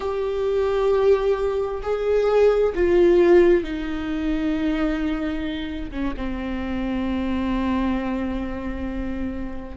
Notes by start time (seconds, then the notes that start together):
0.00 G4
1.82 G#4
2.74 F4
3.63 D#4
5.91 C#4
6.17 C4